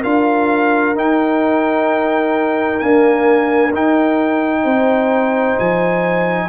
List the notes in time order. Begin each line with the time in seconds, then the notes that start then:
0.00 D4 F4 A#4 F5
0.95 D#4 G5
2.79 A#3 D4 G#5
3.73 D#4 G5
4.63 C4 C5
5.59 F3 G#5